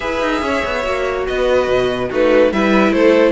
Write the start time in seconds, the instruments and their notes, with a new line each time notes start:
0.00 cello E4, viola G#4, violin B4 E5
0.21 cello D#4
0.41 cello C#4, violin C#5
0.65 cello B3
0.83 cello A#3, viola F#4
1.26 cello B3, violin B4 D#5
1.67 cello B2
2.09 cello A3, viola D#4, violin F#4 B4
2.52 cello G3, viola E4, violin B4 E5
2.91 cello A3, violin A4 C5